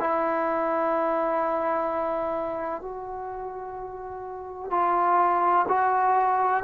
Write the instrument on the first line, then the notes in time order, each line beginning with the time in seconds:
trombone
0.00 E4
2.81 F#4
4.71 F4
5.68 F#4